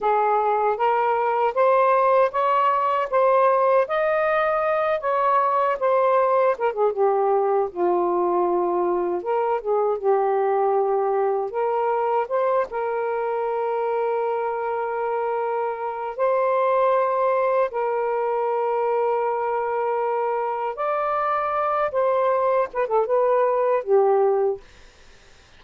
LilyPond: \new Staff \with { instrumentName = "saxophone" } { \time 4/4 \tempo 4 = 78 gis'4 ais'4 c''4 cis''4 | c''4 dis''4. cis''4 c''8~ | c''8 ais'16 gis'16 g'4 f'2 | ais'8 gis'8 g'2 ais'4 |
c''8 ais'2.~ ais'8~ | ais'4 c''2 ais'4~ | ais'2. d''4~ | d''8 c''4 b'16 a'16 b'4 g'4 | }